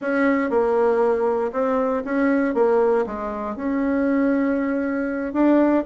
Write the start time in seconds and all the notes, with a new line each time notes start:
0.01 C#4
0.50 A#3
1.52 C4
2.04 C#4
2.54 A#3
3.06 G#3
3.56 C#4
5.33 D4